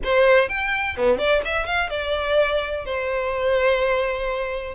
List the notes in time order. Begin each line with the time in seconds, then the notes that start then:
0.03 C5
0.48 G5
0.96 B3
1.18 D5
1.44 E5
1.66 F5
1.89 D5
2.85 C5